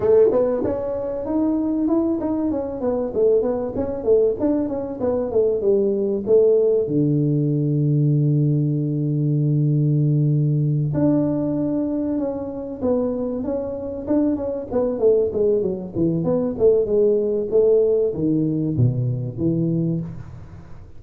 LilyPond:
\new Staff \with { instrumentName = "tuba" } { \time 4/4 \tempo 4 = 96 a8 b8 cis'4 dis'4 e'8 dis'8 | cis'8 b8 a8 b8 cis'8 a8 d'8 cis'8 | b8 a8 g4 a4 d4~ | d1~ |
d4. d'2 cis'8~ | cis'8 b4 cis'4 d'8 cis'8 b8 | a8 gis8 fis8 e8 b8 a8 gis4 | a4 dis4 b,4 e4 | }